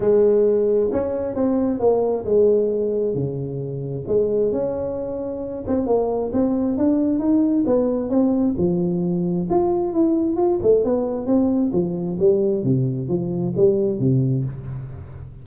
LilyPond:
\new Staff \with { instrumentName = "tuba" } { \time 4/4 \tempo 4 = 133 gis2 cis'4 c'4 | ais4 gis2 cis4~ | cis4 gis4 cis'2~ | cis'8 c'8 ais4 c'4 d'4 |
dis'4 b4 c'4 f4~ | f4 f'4 e'4 f'8 a8 | b4 c'4 f4 g4 | c4 f4 g4 c4 | }